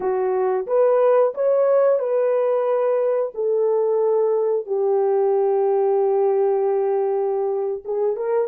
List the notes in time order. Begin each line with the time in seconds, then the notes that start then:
0.00 F#4
0.66 B4
1.34 C#5
1.99 B4
3.34 A4
4.66 G4
7.85 G#4
8.16 A#4